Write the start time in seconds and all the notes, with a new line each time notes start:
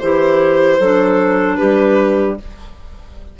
0.00 E3 E4 G4 C5
0.79 F#3 D4 A4
1.56 G3 G4 B4